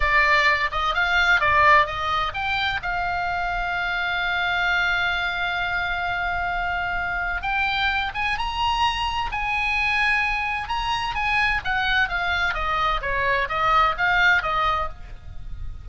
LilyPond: \new Staff \with { instrumentName = "oboe" } { \time 4/4 \tempo 4 = 129 d''4. dis''8 f''4 d''4 | dis''4 g''4 f''2~ | f''1~ | f''1 |
g''4. gis''8 ais''2 | gis''2. ais''4 | gis''4 fis''4 f''4 dis''4 | cis''4 dis''4 f''4 dis''4 | }